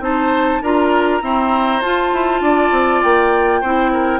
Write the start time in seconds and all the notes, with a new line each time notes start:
0.00 C4 D#4 C5 A5
0.62 D4 F4 A#4 A#5
1.21 C4 E4 C5
1.81 F4 A5
2.12 E4
2.41 D4 D5
2.71 C4
3.02 A#3 G5
3.60 C4 E4 C5
3.93 A#4